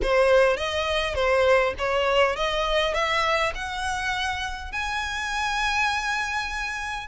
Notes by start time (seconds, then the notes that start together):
0.02 C5
0.56 D#5
1.15 C5
1.78 C#5
2.36 D#5
2.94 E5
3.55 F#5
4.72 G#5